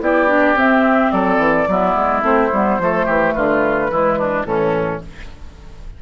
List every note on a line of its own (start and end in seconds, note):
0.00 0.55 B3
0.00 0.28 E4
0.00 1.12 G4
0.00 0.58 D5
0.28 0.55 D4
0.55 1.10 C4
0.55 1.67 C4
0.55 1.11 E5
1.11 1.37 F#3
1.11 1.68 A4
1.11 2.22 D5
1.37 1.65 E3
1.68 1.95 F#3
1.68 2.21 B3
1.68 2.81 E4
1.95 2.22 G#3
2.21 2.50 A3
2.21 2.49 C4
2.21 3.32 C5
2.52 2.78 G3
2.52 2.80 B3
2.78 3.06 F3
2.78 3.90 A3
2.78 3.05 A4
3.05 3.35 E3
3.05 3.33 G4
3.32 3.90 D3
3.32 3.91 F4
3.32 4.44 B4
3.90 4.44 E3
3.90 4.44 G#3
3.90 4.18 E4
4.18 4.46 D4
4.44 4.99 A2
4.44 5.00 E3
4.44 5.02 C#4
4.44 5.01 A4